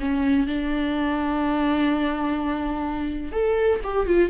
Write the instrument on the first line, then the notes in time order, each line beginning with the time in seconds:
viola
0.00 C#4
0.47 D4
3.32 A4
3.84 G4
4.07 F4